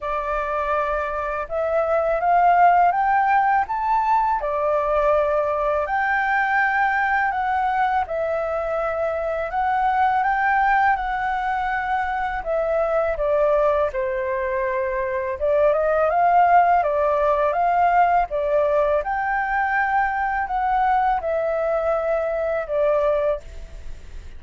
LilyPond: \new Staff \with { instrumentName = "flute" } { \time 4/4 \tempo 4 = 82 d''2 e''4 f''4 | g''4 a''4 d''2 | g''2 fis''4 e''4~ | e''4 fis''4 g''4 fis''4~ |
fis''4 e''4 d''4 c''4~ | c''4 d''8 dis''8 f''4 d''4 | f''4 d''4 g''2 | fis''4 e''2 d''4 | }